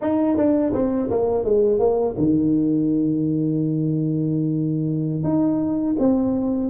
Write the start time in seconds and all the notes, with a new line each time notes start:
0.01 D#4
0.36 D4
0.73 C4
1.10 A#3
1.44 G#3
1.79 A#3
2.17 D#3
5.23 D#4
5.98 C4